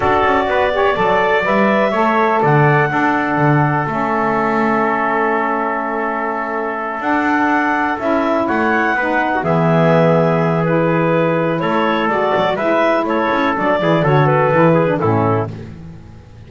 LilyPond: <<
  \new Staff \with { instrumentName = "clarinet" } { \time 4/4 \tempo 4 = 124 d''2. e''4~ | e''4 fis''2. | e''1~ | e''2~ e''8 fis''4.~ |
fis''8 e''4 fis''2 e''8~ | e''2 b'2 | cis''4 d''4 e''4 cis''4 | d''4 cis''8 b'4. a'4 | }
  \new Staff \with { instrumentName = "trumpet" } { \time 4/4 a'4 b'8 cis''8 d''2 | cis''4 d''4 a'2~ | a'1~ | a'1~ |
a'4. cis''4 b'8. fis'16 gis'8~ | gis'1 | a'2 b'4 a'4~ | a'8 gis'8 a'4. gis'8 e'4 | }
  \new Staff \with { instrumentName = "saxophone" } { \time 4/4 fis'4. g'8 a'4 b'4 | a'2 d'2 | cis'1~ | cis'2~ cis'8 d'4.~ |
d'8 e'2 dis'4 b8~ | b2 e'2~ | e'4 fis'4 e'2 | d'8 e'8 fis'4 e'8. d'16 cis'4 | }
  \new Staff \with { instrumentName = "double bass" } { \time 4/4 d'8 cis'8 b4 fis4 g4 | a4 d4 d'4 d4 | a1~ | a2~ a8 d'4.~ |
d'8 cis'4 a4 b4 e8~ | e1 | a4 gis8 fis8 gis4 a8 cis'8 | fis8 e8 d4 e4 a,4 | }
>>